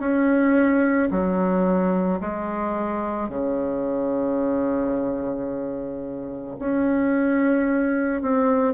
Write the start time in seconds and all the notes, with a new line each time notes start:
0.00 C#4
1.11 F#3
2.21 G#3
3.29 C#3
6.59 C#4
8.22 C4